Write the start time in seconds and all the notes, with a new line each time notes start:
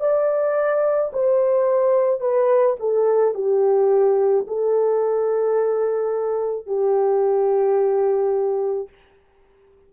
0.00 D5
1.13 C5
2.20 B4
2.79 A4
3.34 G4
4.47 A4
6.66 G4